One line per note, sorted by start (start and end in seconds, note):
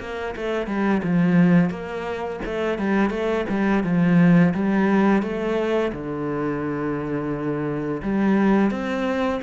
0.00 0.35 A#3
0.36 0.67 A3
0.67 1.02 G3
1.03 1.70 F3
1.70 2.40 A#3
2.45 2.78 A3
2.78 3.10 G3
3.10 3.45 A3
3.49 3.84 G3
3.84 4.53 F3
4.54 5.22 G3
5.22 5.92 A3
5.92 8.02 D3
8.03 8.71 G3
8.71 9.41 C4